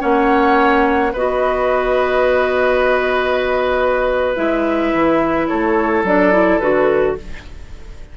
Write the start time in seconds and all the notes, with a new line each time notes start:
0.00 A#3 C#4 C#5 F#5
1.13 B3 F#4 B4 D#5
4.36 G#3 E4 E5
4.94 E3
5.48 A3 A4 C#5
6.04 F#3 D4 D5
6.32 E4
6.59 D3 F#4 B4